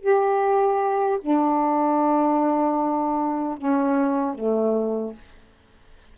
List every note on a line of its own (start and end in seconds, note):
0.00 1.18 G4
1.21 3.58 D4
3.58 4.35 C#4
4.35 5.14 A3